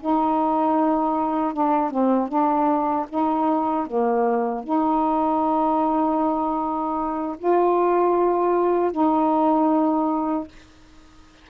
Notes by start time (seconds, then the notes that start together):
0.00 D#4
1.53 D4
1.91 C4
2.28 D4
3.09 D#4
3.86 A#3
4.64 D#4
7.38 F4
8.92 D#4